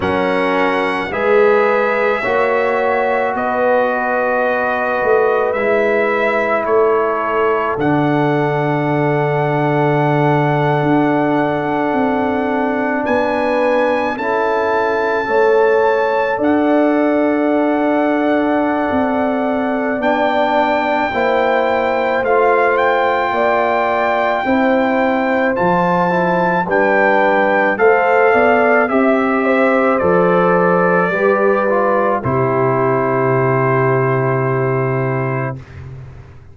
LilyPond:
<<
  \new Staff \with { instrumentName = "trumpet" } { \time 4/4 \tempo 4 = 54 fis''4 e''2 dis''4~ | dis''4 e''4 cis''4 fis''4~ | fis''2.~ fis''8. gis''16~ | gis''8. a''2 fis''4~ fis''16~ |
fis''2 g''2 | f''8 g''2~ g''8 a''4 | g''4 f''4 e''4 d''4~ | d''4 c''2. | }
  \new Staff \with { instrumentName = "horn" } { \time 4/4 ais'4 b'4 cis''4 b'4~ | b'2 a'2~ | a'2.~ a'8. b'16~ | b'8. a'4 cis''4 d''4~ d''16~ |
d''2. c''4~ | c''4 d''4 c''2 | b'4 c''8 d''8 e''8 c''4. | b'4 g'2. | }
  \new Staff \with { instrumentName = "trombone" } { \time 4/4 cis'4 gis'4 fis'2~ | fis'4 e'2 d'4~ | d'1~ | d'8. e'4 a'2~ a'16~ |
a'2 d'4 e'4 | f'2 e'4 f'8 e'8 | d'4 a'4 g'4 a'4 | g'8 f'8 e'2. | }
  \new Staff \with { instrumentName = "tuba" } { \time 4/4 fis4 gis4 ais4 b4~ | b8 a8 gis4 a4 d4~ | d4.~ d16 d'4 c'4 b16~ | b8. cis'4 a4 d'4~ d'16~ |
d'4 c'4 b4 ais4 | a4 ais4 c'4 f4 | g4 a8 b8 c'4 f4 | g4 c2. | }
>>